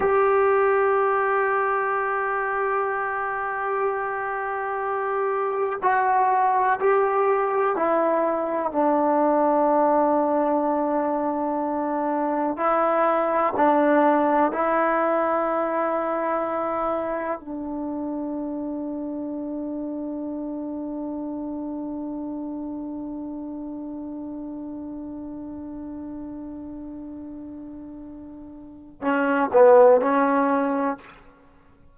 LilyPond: \new Staff \with { instrumentName = "trombone" } { \time 4/4 \tempo 4 = 62 g'1~ | g'2 fis'4 g'4 | e'4 d'2.~ | d'4 e'4 d'4 e'4~ |
e'2 d'2~ | d'1~ | d'1~ | d'2 cis'8 b8 cis'4 | }